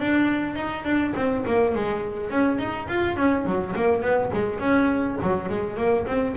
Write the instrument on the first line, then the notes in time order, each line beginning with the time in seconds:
double bass
0.00 D4
0.56 D#4
0.85 D4
1.16 C4
1.47 A#3
1.75 G#3
2.31 C#4
2.59 D#4
2.89 F4
3.17 C#4
3.46 F#3
3.76 A#3
4.02 B3
4.33 G#3
4.60 C#4
5.22 F#3
5.49 G#3
5.77 A#3
6.07 C4